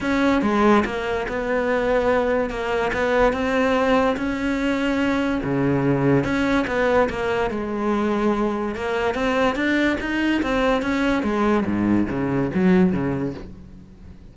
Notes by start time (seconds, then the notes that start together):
0.00 C#4
0.42 G#3
0.85 A#3
1.28 B3
2.49 A#3
2.93 B3
3.33 C4
4.16 C#4
5.43 C#3
6.23 C#4
6.67 B3
7.09 A#3
7.50 G#3
8.75 A#3
9.14 C4
9.55 D4
10.00 D#4
10.42 C4
10.81 C#4
11.22 G#3
11.65 G#2
12.09 C#3
12.54 F#3
12.92 C#3